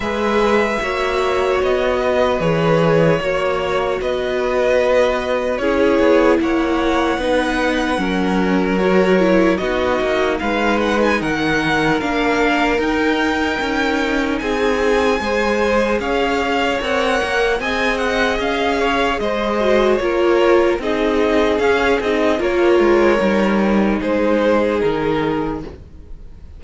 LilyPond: <<
  \new Staff \with { instrumentName = "violin" } { \time 4/4 \tempo 4 = 75 e''2 dis''4 cis''4~ | cis''4 dis''2 cis''4 | fis''2. cis''4 | dis''4 f''8 fis''16 gis''16 fis''4 f''4 |
g''2 gis''2 | f''4 fis''4 gis''8 fis''8 f''4 | dis''4 cis''4 dis''4 f''8 dis''8 | cis''2 c''4 ais'4 | }
  \new Staff \with { instrumentName = "violin" } { \time 4/4 b'4 cis''4. b'4. | cis''4 b'2 gis'4 | cis''4 b'4 ais'2 | fis'4 b'4 ais'2~ |
ais'2 gis'4 c''4 | cis''2 dis''4. cis''8 | c''4 ais'4 gis'2 | ais'2 gis'2 | }
  \new Staff \with { instrumentName = "viola" } { \time 4/4 gis'4 fis'2 gis'4 | fis'2. e'4~ | e'4 dis'4 cis'4 fis'8 e'8 | dis'2. d'4 |
dis'2. gis'4~ | gis'4 ais'4 gis'2~ | gis'8 fis'8 f'4 dis'4 cis'8 dis'8 | f'4 dis'2. | }
  \new Staff \with { instrumentName = "cello" } { \time 4/4 gis4 ais4 b4 e4 | ais4 b2 cis'8 b8 | ais4 b4 fis2 | b8 ais8 gis4 dis4 ais4 |
dis'4 cis'4 c'4 gis4 | cis'4 c'8 ais8 c'4 cis'4 | gis4 ais4 c'4 cis'8 c'8 | ais8 gis8 g4 gis4 dis4 | }
>>